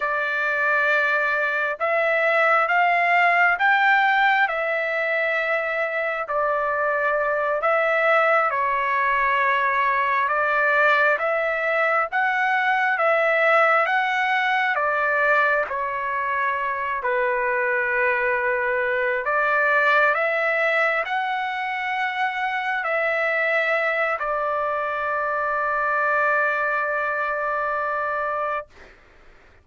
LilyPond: \new Staff \with { instrumentName = "trumpet" } { \time 4/4 \tempo 4 = 67 d''2 e''4 f''4 | g''4 e''2 d''4~ | d''8 e''4 cis''2 d''8~ | d''8 e''4 fis''4 e''4 fis''8~ |
fis''8 d''4 cis''4. b'4~ | b'4. d''4 e''4 fis''8~ | fis''4. e''4. d''4~ | d''1 | }